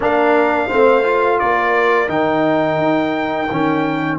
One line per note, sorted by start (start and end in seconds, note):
0.00 0.70 A#3
0.00 0.69 D4
0.00 0.67 A#4
0.00 1.39 F5
0.67 1.41 A3
0.67 1.03 C4
0.67 1.36 C5
1.03 2.07 F4
1.39 2.08 A#3
1.39 4.19 A#4
1.39 2.09 D5
2.07 2.77 D#3
2.07 3.47 D#4
2.07 4.18 G5
2.77 3.47 D#4
3.50 4.19 D#3
3.50 4.19 C#4